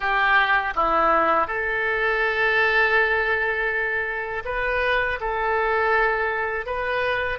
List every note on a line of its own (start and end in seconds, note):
0.00 0.73 G4
0.74 1.46 E4
1.46 4.43 A4
4.44 5.19 B4
5.20 6.65 A4
6.65 7.39 B4